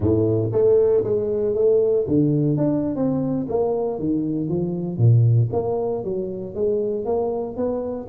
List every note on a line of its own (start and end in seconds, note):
0.00 0.51 A2
0.52 1.03 A3
1.03 1.54 G#3
1.54 2.06 A3
2.07 2.57 D3
2.57 2.95 D4
2.95 3.46 C4
3.48 3.99 A#3
3.99 4.48 D#3
4.48 4.97 F3
4.97 5.49 A#2
5.52 6.03 A#3
6.03 6.54 F#3
6.54 7.05 G#3
7.05 7.56 A#3
7.56 8.07 B3